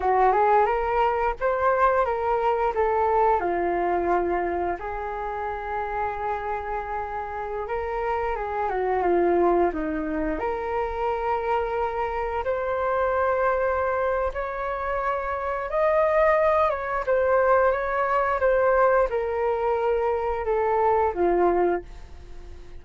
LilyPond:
\new Staff \with { instrumentName = "flute" } { \time 4/4 \tempo 4 = 88 fis'8 gis'8 ais'4 c''4 ais'4 | a'4 f'2 gis'4~ | gis'2.~ gis'16 ais'8.~ | ais'16 gis'8 fis'8 f'4 dis'4 ais'8.~ |
ais'2~ ais'16 c''4.~ c''16~ | c''4 cis''2 dis''4~ | dis''8 cis''8 c''4 cis''4 c''4 | ais'2 a'4 f'4 | }